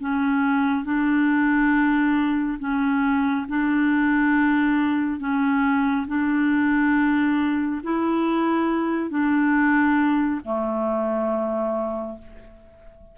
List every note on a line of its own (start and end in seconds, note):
0.00 0.85 C#4
0.85 2.58 D4
2.59 3.46 C#4
3.49 5.20 D4
5.20 6.07 C#4
6.07 7.81 D4
7.83 9.10 E4
9.10 10.40 D4
10.44 12.18 A3